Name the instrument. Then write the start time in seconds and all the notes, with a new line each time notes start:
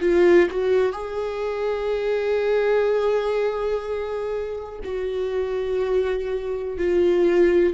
viola
0.00 F4
0.50 F#4
0.92 G#4
4.84 F#4
6.78 F4